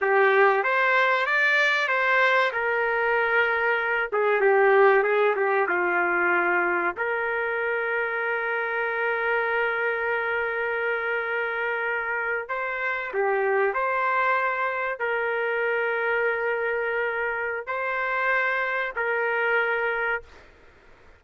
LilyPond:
\new Staff \with { instrumentName = "trumpet" } { \time 4/4 \tempo 4 = 95 g'4 c''4 d''4 c''4 | ais'2~ ais'8 gis'8 g'4 | gis'8 g'8 f'2 ais'4~ | ais'1~ |
ais'2.~ ais'8. c''16~ | c''8. g'4 c''2 ais'16~ | ais'1 | c''2 ais'2 | }